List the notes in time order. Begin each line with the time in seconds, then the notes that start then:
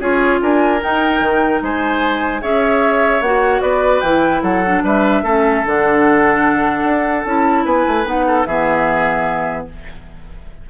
0.00 C#4 F4 G#4 C#5
0.41 D4 A#4 G#5
0.81 D#4 G5
1.20 D#3
1.61 G#3 C5 G#5
2.41 C#4 G#4 C#5 E5
3.21 A#3 F#4 F#5
3.61 B3 B4 D5
4.01 E3 E4 G5
4.42 F#3 A4 F#5
4.65 D4
4.83 G3 B4 E5
5.23 A3 C#4 A4
5.66 D3 D4 F#5
6.84 D4
7.24 C#4 E4 A5
7.65 B3 B4 G#5
7.87 A3
8.05 B3 D#4 F#5
8.27 A4
8.45 E3 B3 G#4 E5